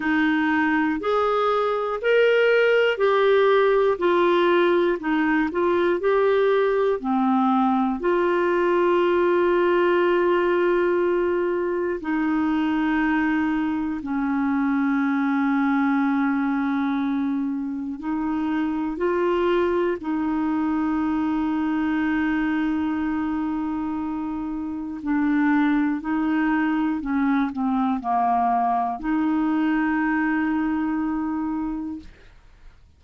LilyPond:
\new Staff \with { instrumentName = "clarinet" } { \time 4/4 \tempo 4 = 60 dis'4 gis'4 ais'4 g'4 | f'4 dis'8 f'8 g'4 c'4 | f'1 | dis'2 cis'2~ |
cis'2 dis'4 f'4 | dis'1~ | dis'4 d'4 dis'4 cis'8 c'8 | ais4 dis'2. | }